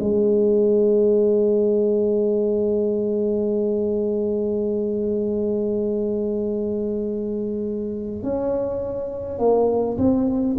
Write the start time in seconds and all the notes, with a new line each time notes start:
0.00 G#3
8.23 C#4
9.39 A#3
9.98 C4